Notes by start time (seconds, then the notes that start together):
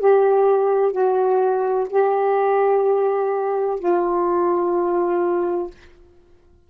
0.00 G4
0.92 F#4
1.90 G4
3.80 F4